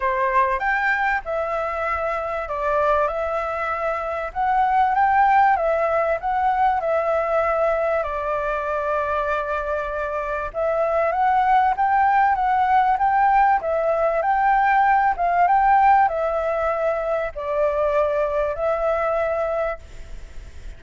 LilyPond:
\new Staff \with { instrumentName = "flute" } { \time 4/4 \tempo 4 = 97 c''4 g''4 e''2 | d''4 e''2 fis''4 | g''4 e''4 fis''4 e''4~ | e''4 d''2.~ |
d''4 e''4 fis''4 g''4 | fis''4 g''4 e''4 g''4~ | g''8 f''8 g''4 e''2 | d''2 e''2 | }